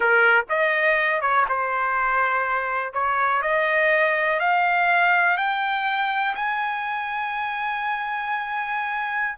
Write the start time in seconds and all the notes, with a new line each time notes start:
0.00 A#4
0.49 D#5
1.21 C#5
1.48 C5
2.93 C#5
3.42 D#5
4.39 F5
5.37 G5
6.35 G#5